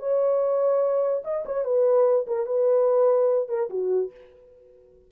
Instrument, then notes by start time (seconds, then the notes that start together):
horn
0.00 C#5
1.25 D#5
1.46 C#5
1.65 B4
2.28 A#4
2.47 B4
3.49 A#4
3.70 F#4